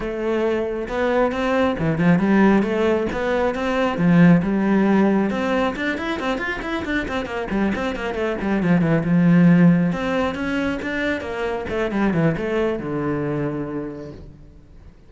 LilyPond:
\new Staff \with { instrumentName = "cello" } { \time 4/4 \tempo 4 = 136 a2 b4 c'4 | e8 f8 g4 a4 b4 | c'4 f4 g2 | c'4 d'8 e'8 c'8 f'8 e'8 d'8 |
c'8 ais8 g8 c'8 ais8 a8 g8 f8 | e8 f2 c'4 cis'8~ | cis'8 d'4 ais4 a8 g8 e8 | a4 d2. | }